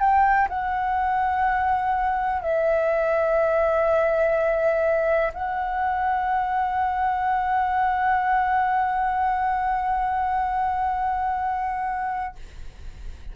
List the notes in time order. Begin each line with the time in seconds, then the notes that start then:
0.00 G5
0.49 F#5
2.42 E5
5.34 F#5